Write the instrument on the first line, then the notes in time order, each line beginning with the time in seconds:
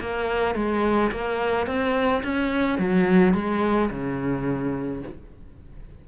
cello
0.00 A#3
0.55 G#3
1.11 A#3
1.66 C4
2.23 C#4
2.78 F#3
3.33 G#3
3.90 C#3